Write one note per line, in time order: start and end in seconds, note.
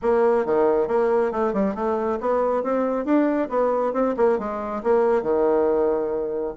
0.02 0.45 A#3
0.45 0.87 D#3
0.87 1.31 A#3
1.31 1.53 A3
1.53 1.74 G3
1.74 2.18 A3
2.20 2.63 B3
2.63 3.05 C4
3.05 3.48 D4
3.49 3.93 B3
3.93 4.15 C4
4.16 4.38 A#3
4.39 4.82 G#3
4.83 5.22 A#3
5.22 6.54 D#3